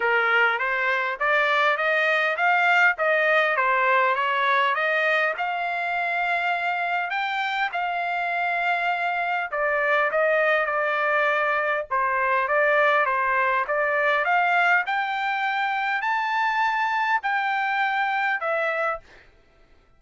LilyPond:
\new Staff \with { instrumentName = "trumpet" } { \time 4/4 \tempo 4 = 101 ais'4 c''4 d''4 dis''4 | f''4 dis''4 c''4 cis''4 | dis''4 f''2. | g''4 f''2. |
d''4 dis''4 d''2 | c''4 d''4 c''4 d''4 | f''4 g''2 a''4~ | a''4 g''2 e''4 | }